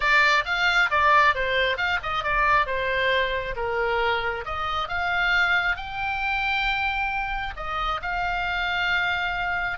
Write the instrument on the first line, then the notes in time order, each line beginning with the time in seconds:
oboe
0.00 D5
0.45 F5
0.90 D5
1.34 C5
1.77 F5
2.02 D#5
2.23 D5
2.66 C5
3.56 A#4
4.45 D#5
4.88 F5
5.76 G5
7.56 D#5
8.02 F5